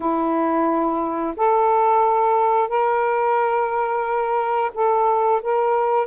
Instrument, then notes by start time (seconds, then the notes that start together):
saxophone
0.00 E4
1.36 A4
2.68 A#4
4.74 A4
5.42 A#4